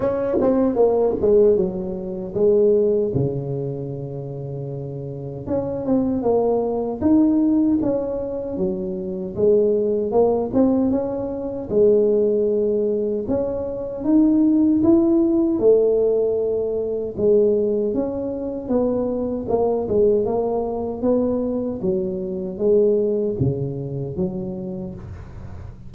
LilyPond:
\new Staff \with { instrumentName = "tuba" } { \time 4/4 \tempo 4 = 77 cis'8 c'8 ais8 gis8 fis4 gis4 | cis2. cis'8 c'8 | ais4 dis'4 cis'4 fis4 | gis4 ais8 c'8 cis'4 gis4~ |
gis4 cis'4 dis'4 e'4 | a2 gis4 cis'4 | b4 ais8 gis8 ais4 b4 | fis4 gis4 cis4 fis4 | }